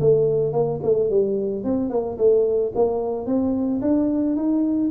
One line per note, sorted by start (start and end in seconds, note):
0.00 0.53 A3
0.53 0.80 A#3
0.83 1.10 A3
1.10 1.64 G3
1.64 1.90 C4
1.90 2.17 A#3
2.18 2.72 A3
2.75 3.26 A#3
3.26 3.81 C4
3.82 4.36 D4
4.36 4.91 D#4